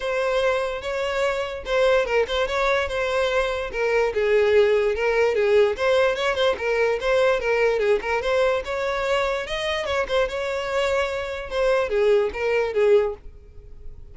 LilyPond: \new Staff \with { instrumentName = "violin" } { \time 4/4 \tempo 4 = 146 c''2 cis''2 | c''4 ais'8 c''8 cis''4 c''4~ | c''4 ais'4 gis'2 | ais'4 gis'4 c''4 cis''8 c''8 |
ais'4 c''4 ais'4 gis'8 ais'8 | c''4 cis''2 dis''4 | cis''8 c''8 cis''2. | c''4 gis'4 ais'4 gis'4 | }